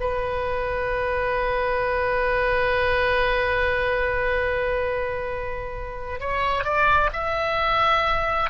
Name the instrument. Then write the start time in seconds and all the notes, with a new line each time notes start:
oboe
0.00 B4
6.20 C#5
6.64 D5
7.12 E5